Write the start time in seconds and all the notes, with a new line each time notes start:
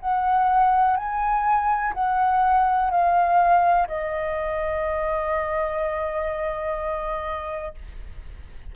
0.00 F#5
0.97 G#5
1.94 F#5
2.90 F5
3.88 D#5